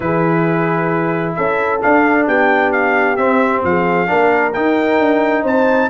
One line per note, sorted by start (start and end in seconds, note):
0.00 1.36 E3
0.00 1.81 E4
0.00 1.36 G#4
0.00 1.33 B4
1.35 1.83 C#4
1.35 2.27 A4
1.35 1.80 E5
1.81 3.17 D4
1.81 2.27 D4
1.81 2.27 F5
2.27 3.17 B3
2.27 3.64 G4
2.27 2.72 G5
2.72 3.16 F5
3.16 3.63 C4
3.16 4.06 C4
3.16 3.62 E5
3.63 4.09 F3
3.63 4.08 G#4
3.63 4.53 F5
4.06 4.55 A#3
4.06 4.52 D4
4.06 5.43 A#4
4.53 4.99 D#4
4.53 5.90 D#4
4.53 5.44 G5
4.99 5.44 D4
5.43 5.89 C4
5.43 5.88 C5
5.43 5.90 A5